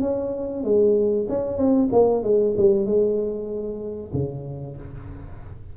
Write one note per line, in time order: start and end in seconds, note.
0.00 0.63 C#4
0.63 1.26 G#3
1.28 1.57 C#4
1.57 1.89 C4
1.92 2.23 A#3
2.23 2.54 G#3
2.57 2.85 G3
2.85 4.11 G#3
4.13 4.76 C#3